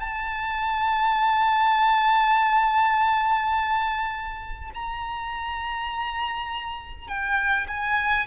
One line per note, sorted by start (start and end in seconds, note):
0.00 4.71 A5
4.74 7.07 A#5
7.07 7.66 G5
7.67 8.26 G#5